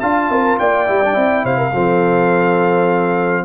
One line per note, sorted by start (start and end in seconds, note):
0.00 0.29 D4
0.00 0.87 F4
0.00 0.31 F5
0.00 0.58 A5
0.29 0.58 C4
0.29 0.59 A#4
0.59 0.89 A#3
0.59 1.44 D5
0.59 1.45 G5
0.87 1.16 G3
0.87 1.01 E4
1.04 1.13 D4
1.13 1.44 C4
1.13 1.71 E4
1.44 1.73 C3
1.44 1.57 C5
1.44 3.45 F5
1.57 1.72 A#4
1.73 3.45 F3
1.73 3.45 C4
1.73 3.45 A4